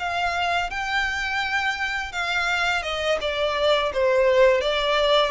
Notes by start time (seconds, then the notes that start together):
0.00 F5
0.71 G5
2.13 F5
2.83 D#5
3.21 D5
3.94 C5
4.61 D5